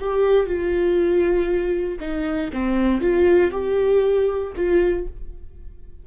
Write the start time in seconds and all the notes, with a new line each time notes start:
0.00 G4
0.47 F4
2.01 D#4
2.53 C4
3.02 F4
3.52 G4
4.56 F4